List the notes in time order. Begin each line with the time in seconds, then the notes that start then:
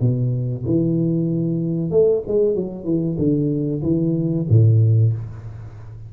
0.00 B2
0.66 E3
1.90 A3
2.27 G#3
2.54 F#3
2.84 E3
3.18 D3
3.82 E3
4.49 A2